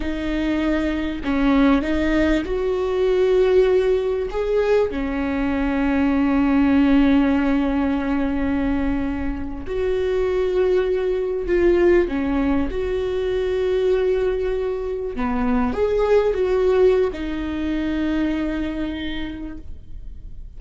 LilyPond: \new Staff \with { instrumentName = "viola" } { \time 4/4 \tempo 4 = 98 dis'2 cis'4 dis'4 | fis'2. gis'4 | cis'1~ | cis'2.~ cis'8. fis'16~ |
fis'2~ fis'8. f'4 cis'16~ | cis'8. fis'2.~ fis'16~ | fis'8. b4 gis'4 fis'4~ fis'16 | dis'1 | }